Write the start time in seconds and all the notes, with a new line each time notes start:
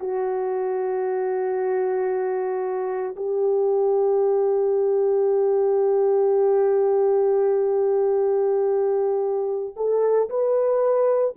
0.00 F#4
3.17 G4
9.77 A4
10.30 B4